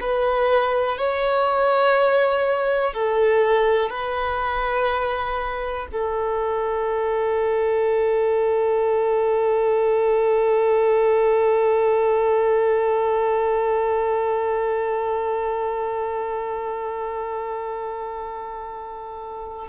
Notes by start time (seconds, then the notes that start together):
0.00 B4
0.97 C#5
2.93 A4
3.89 B4
5.92 A4